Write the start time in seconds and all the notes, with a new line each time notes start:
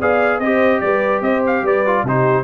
0.00 B3 G#4 D5 F5
0.40 C4 G4 C5 D#5
0.80 G3 B4 D5
1.22 C4 C5 D#5
1.47 F5
1.63 G3 B4 D5
1.86 F4
2.04 C3 D#4 G4 C5